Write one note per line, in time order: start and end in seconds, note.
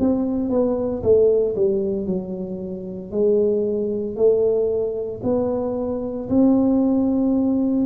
0.00 0.50 C4
0.50 1.03 B3
1.03 1.56 A3
1.56 2.07 G3
2.07 3.12 F#3
3.12 4.16 G#3
4.16 5.22 A3
5.24 6.29 B3
6.30 7.87 C4